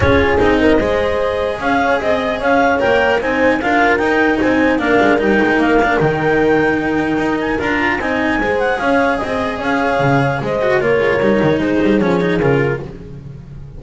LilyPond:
<<
  \new Staff \with { instrumentName = "clarinet" } { \time 4/4 \tempo 4 = 150 cis''4 dis''2. | f''4 dis''4 f''4 g''4 | gis''4 f''4 g''4 gis''4 | f''4 g''4 f''4 g''4~ |
g''2~ g''8 gis''8 ais''4 | gis''4. fis''8 f''4 dis''4 | f''2 dis''4 cis''4~ | cis''4 c''4 cis''4 ais'4 | }
  \new Staff \with { instrumentName = "horn" } { \time 4/4 gis'4. ais'8 c''2 | cis''4 dis''4 cis''2 | c''4 ais'2 c''4 | ais'1~ |
ais'1 | dis''4 c''4 cis''4 dis''4 | cis''2 c''4 ais'4~ | ais'4 gis'2. | }
  \new Staff \with { instrumentName = "cello" } { \time 4/4 f'4 dis'4 gis'2~ | gis'2. ais'4 | dis'4 f'4 dis'2 | d'4 dis'4. d'8 dis'4~ |
dis'2. f'4 | dis'4 gis'2.~ | gis'2~ gis'8 fis'8 f'4 | dis'2 cis'8 dis'8 f'4 | }
  \new Staff \with { instrumentName = "double bass" } { \time 4/4 cis'4 c'4 gis2 | cis'4 c'4 cis'4 ais4 | c'4 d'4 dis'4 c'4 | ais8 gis8 g8 gis8 ais4 dis4~ |
dis2 dis'4 d'4 | c'4 gis4 cis'4 c'4 | cis'4 cis4 gis4 ais8 gis8 | g8 dis8 gis8 g8 f4 cis4 | }
>>